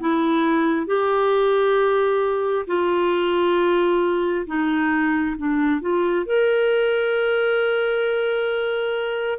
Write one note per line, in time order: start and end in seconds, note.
0.00 0.87 E4
0.87 2.66 G4
2.67 4.47 F4
4.47 5.36 D#4
5.37 5.81 D4
5.81 6.26 F4
6.26 9.39 A#4